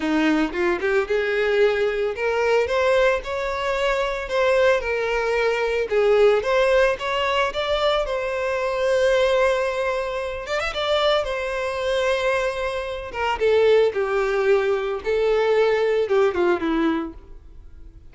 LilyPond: \new Staff \with { instrumentName = "violin" } { \time 4/4 \tempo 4 = 112 dis'4 f'8 g'8 gis'2 | ais'4 c''4 cis''2 | c''4 ais'2 gis'4 | c''4 cis''4 d''4 c''4~ |
c''2.~ c''8 d''16 e''16 | d''4 c''2.~ | c''8 ais'8 a'4 g'2 | a'2 g'8 f'8 e'4 | }